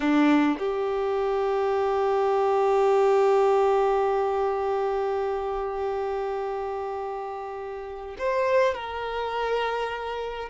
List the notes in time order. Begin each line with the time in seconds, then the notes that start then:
0.00 D4
0.58 G4
8.18 C5
8.74 A#4